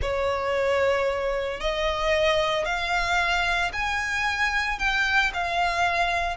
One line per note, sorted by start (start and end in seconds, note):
0.01 1.60 C#5
1.60 2.65 D#5
2.65 3.71 F5
3.72 4.79 G#5
4.79 5.32 G5
5.33 6.36 F5